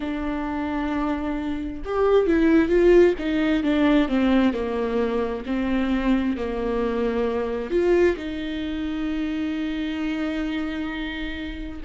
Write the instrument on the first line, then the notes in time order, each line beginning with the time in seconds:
viola
0.00 D4
1.84 G4
2.26 E4
2.69 F4
3.18 D#4
3.63 D4
4.08 C4
4.52 A#3
5.45 C4
6.36 A#3
7.70 F4
8.16 D#4